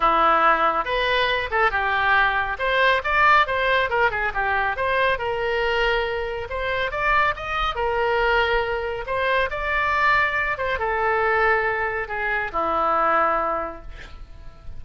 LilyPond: \new Staff \with { instrumentName = "oboe" } { \time 4/4 \tempo 4 = 139 e'2 b'4. a'8 | g'2 c''4 d''4 | c''4 ais'8 gis'8 g'4 c''4 | ais'2. c''4 |
d''4 dis''4 ais'2~ | ais'4 c''4 d''2~ | d''8 c''8 a'2. | gis'4 e'2. | }